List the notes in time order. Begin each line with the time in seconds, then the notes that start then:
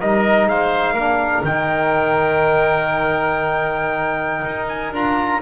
0.00 G3 D#4 A#4 D#5
0.46 G#3 C5 F5
0.93 A#3 D4 A#4
1.43 D#3 D#4 G5
4.45 D#4
4.68 G#5
4.93 D4 F4 A#5